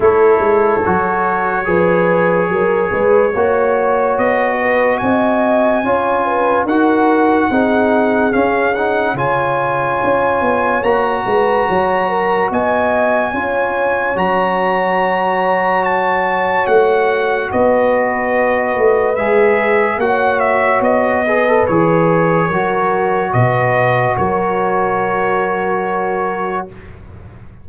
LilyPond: <<
  \new Staff \with { instrumentName = "trumpet" } { \time 4/4 \tempo 4 = 72 cis''1~ | cis''4 dis''4 gis''2 | fis''2 f''8 fis''8 gis''4~ | gis''4 ais''2 gis''4~ |
gis''4 ais''2 a''4 | fis''4 dis''2 e''4 | fis''8 e''8 dis''4 cis''2 | dis''4 cis''2. | }
  \new Staff \with { instrumentName = "horn" } { \time 4/4 a'2 b'4 ais'8 b'8 | cis''4. b'8 dis''4 cis''8 b'8 | ais'4 gis'2 cis''4~ | cis''4. b'8 cis''8 ais'8 dis''4 |
cis''1~ | cis''4 b'2. | cis''4. b'4. ais'4 | b'4 ais'2. | }
  \new Staff \with { instrumentName = "trombone" } { \time 4/4 e'4 fis'4 gis'2 | fis'2. f'4 | fis'4 dis'4 cis'8 dis'8 f'4~ | f'4 fis'2. |
f'4 fis'2.~ | fis'2. gis'4 | fis'4. gis'16 a'16 gis'4 fis'4~ | fis'1 | }
  \new Staff \with { instrumentName = "tuba" } { \time 4/4 a8 gis8 fis4 f4 fis8 gis8 | ais4 b4 c'4 cis'4 | dis'4 c'4 cis'4 cis4 | cis'8 b8 ais8 gis8 fis4 b4 |
cis'4 fis2. | a4 b4. a8 gis4 | ais4 b4 e4 fis4 | b,4 fis2. | }
>>